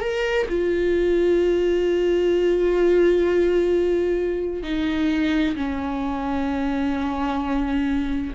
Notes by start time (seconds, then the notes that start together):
0.00 A#4
0.49 F4
4.63 D#4
5.56 C#4